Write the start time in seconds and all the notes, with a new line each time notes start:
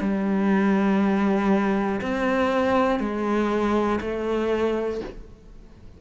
0.00 G3
2.01 C4
3.00 G#3
4.00 A3